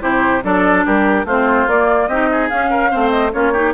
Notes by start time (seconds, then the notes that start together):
0.00 C3 E4 G4 C5
0.44 F#3 D4 A4 D5
0.85 G3 G4 A#4
1.24 A3 C4 F4 C5
1.67 A#3 D5
2.07 C4 D#4 G4 D#5
2.32 G#4
2.49 C#4 F5
2.70 A#4
2.90 A3 C4 C5
3.10 D#5
3.33 A#3 C#4 F4 C#5
3.52 D#4 G4